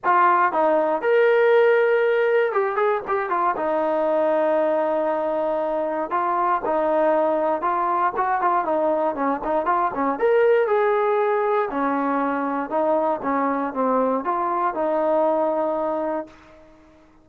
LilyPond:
\new Staff \with { instrumentName = "trombone" } { \time 4/4 \tempo 4 = 118 f'4 dis'4 ais'2~ | ais'4 g'8 gis'8 g'8 f'8 dis'4~ | dis'1 | f'4 dis'2 f'4 |
fis'8 f'8 dis'4 cis'8 dis'8 f'8 cis'8 | ais'4 gis'2 cis'4~ | cis'4 dis'4 cis'4 c'4 | f'4 dis'2. | }